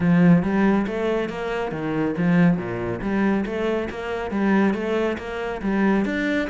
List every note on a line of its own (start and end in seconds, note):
0.00 0.43 F3
0.43 0.86 G3
0.86 1.29 A3
1.29 1.71 A#3
1.71 2.14 D#3
2.17 2.57 F3
2.57 3.00 A#2
3.01 3.44 G3
3.45 3.88 A3
3.90 4.30 A#3
4.30 4.74 G3
4.74 5.17 A3
5.18 5.61 A#3
5.62 6.05 G3
6.05 6.48 D4